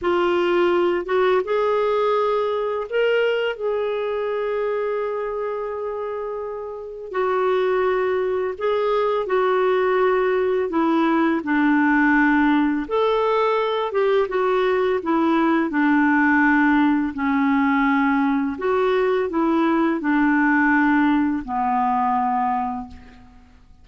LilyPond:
\new Staff \with { instrumentName = "clarinet" } { \time 4/4 \tempo 4 = 84 f'4. fis'8 gis'2 | ais'4 gis'2.~ | gis'2 fis'2 | gis'4 fis'2 e'4 |
d'2 a'4. g'8 | fis'4 e'4 d'2 | cis'2 fis'4 e'4 | d'2 b2 | }